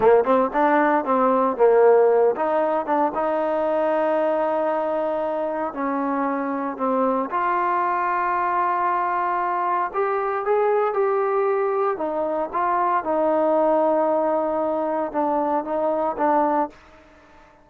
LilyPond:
\new Staff \with { instrumentName = "trombone" } { \time 4/4 \tempo 4 = 115 ais8 c'8 d'4 c'4 ais4~ | ais8 dis'4 d'8 dis'2~ | dis'2. cis'4~ | cis'4 c'4 f'2~ |
f'2. g'4 | gis'4 g'2 dis'4 | f'4 dis'2.~ | dis'4 d'4 dis'4 d'4 | }